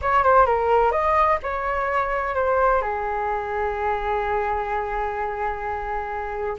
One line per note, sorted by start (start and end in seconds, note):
0.01 0.23 C#5
0.23 0.45 C5
0.45 0.91 A#4
0.91 1.38 D#5
1.42 2.34 C#5
2.34 2.81 C5
2.81 6.56 G#4